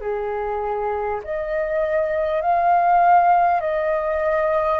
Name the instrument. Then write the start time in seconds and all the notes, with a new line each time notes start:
flute
0.00 G#4
1.23 D#5
2.41 F5
3.60 D#5